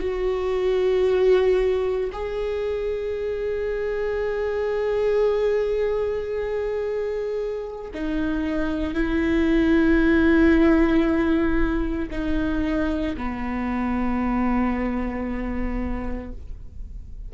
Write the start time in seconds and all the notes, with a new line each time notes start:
0.00 F#4
2.12 G#4
7.94 D#4
8.94 E4
12.11 D#4
13.17 B3